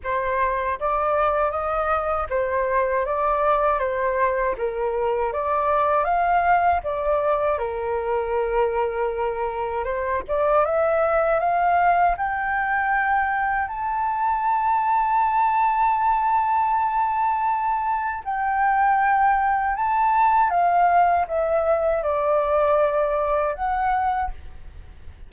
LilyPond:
\new Staff \with { instrumentName = "flute" } { \time 4/4 \tempo 4 = 79 c''4 d''4 dis''4 c''4 | d''4 c''4 ais'4 d''4 | f''4 d''4 ais'2~ | ais'4 c''8 d''8 e''4 f''4 |
g''2 a''2~ | a''1 | g''2 a''4 f''4 | e''4 d''2 fis''4 | }